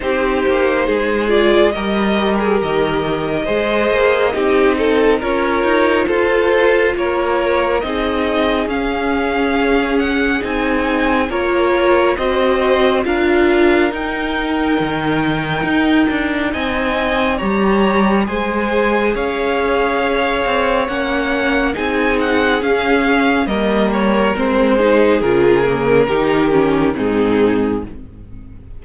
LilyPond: <<
  \new Staff \with { instrumentName = "violin" } { \time 4/4 \tempo 4 = 69 c''4. d''8 dis''8. gis'16 dis''4~ | dis''2 cis''4 c''4 | cis''4 dis''4 f''4. fis''8 | gis''4 cis''4 dis''4 f''4 |
g''2. gis''4 | ais''4 gis''4 f''2 | fis''4 gis''8 fis''8 f''4 dis''8 cis''8 | c''4 ais'2 gis'4 | }
  \new Staff \with { instrumentName = "violin" } { \time 4/4 g'4 gis'4 ais'2 | c''4 g'8 a'8 ais'4 a'4 | ais'4 gis'2.~ | gis'4 ais'4 c''4 ais'4~ |
ais'2. dis''4 | cis''4 c''4 cis''2~ | cis''4 gis'2 ais'4~ | ais'8 gis'4. g'4 dis'4 | }
  \new Staff \with { instrumentName = "viola" } { \time 4/4 dis'4. f'8 g'2 | gis'4 dis'4 f'2~ | f'4 dis'4 cis'2 | dis'4 f'4 fis'4 f'4 |
dis'1 | g'4 gis'2. | cis'4 dis'4 cis'4 ais4 | c'8 dis'8 f'8 ais8 dis'8 cis'8 c'4 | }
  \new Staff \with { instrumentName = "cello" } { \time 4/4 c'8 ais8 gis4 g4 dis4 | gis8 ais8 c'4 cis'8 dis'8 f'4 | ais4 c'4 cis'2 | c'4 ais4 c'4 d'4 |
dis'4 dis4 dis'8 d'8 c'4 | g4 gis4 cis'4. c'8 | ais4 c'4 cis'4 g4 | gis4 cis4 dis4 gis,4 | }
>>